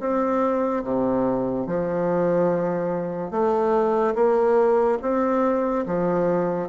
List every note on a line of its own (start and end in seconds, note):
0.00 0.83 C4
0.84 1.67 C3
1.67 3.31 F3
3.31 4.14 A3
4.15 4.98 A#3
5.02 5.85 C4
5.86 6.69 F3